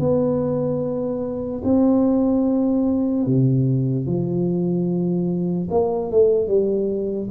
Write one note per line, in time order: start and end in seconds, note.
0.00 1.62 B3
1.64 3.27 C4
3.27 4.07 C3
4.07 5.69 F3
5.71 6.11 A#3
6.12 6.48 A3
6.48 7.29 G3